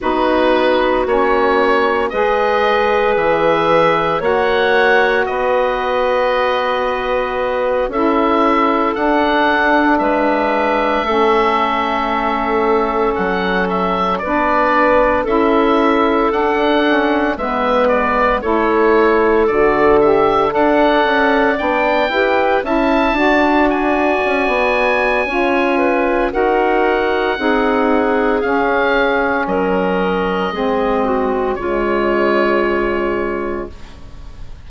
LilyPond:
<<
  \new Staff \with { instrumentName = "oboe" } { \time 4/4 \tempo 4 = 57 b'4 cis''4 dis''4 e''4 | fis''4 dis''2~ dis''8 e''8~ | e''8 fis''4 e''2~ e''8~ | e''8 fis''8 e''8 d''4 e''4 fis''8~ |
fis''8 e''8 d''8 cis''4 d''8 e''8 fis''8~ | fis''8 g''4 a''4 gis''4.~ | gis''4 fis''2 f''4 | dis''2 cis''2 | }
  \new Staff \with { instrumentName = "clarinet" } { \time 4/4 fis'2 b'2 | cis''4 b'2~ b'8 a'8~ | a'4. b'4 a'4.~ | a'4. b'4 a'4.~ |
a'8 b'4 a'2 d''8~ | d''4 b'8 e''8 d''2 | cis''8 b'8 ais'4 gis'2 | ais'4 gis'8 fis'8 f'2 | }
  \new Staff \with { instrumentName = "saxophone" } { \time 4/4 dis'4 cis'4 gis'2 | fis'2.~ fis'8 e'8~ | e'8 d'2 cis'4.~ | cis'4. d'4 e'4 d'8 |
cis'8 b4 e'4 fis'8 g'8 a'8~ | a'8 d'8 g'8 e'8 fis'2 | f'4 fis'4 dis'4 cis'4~ | cis'4 c'4 gis2 | }
  \new Staff \with { instrumentName = "bassoon" } { \time 4/4 b4 ais4 gis4 e4 | ais4 b2~ b8 cis'8~ | cis'8 d'4 gis4 a4.~ | a8 fis4 b4 cis'4 d'8~ |
d'8 gis4 a4 d4 d'8 | cis'8 b8 e'8 cis'8 d'4 cis'16 b8. | cis'4 dis'4 c'4 cis'4 | fis4 gis4 cis2 | }
>>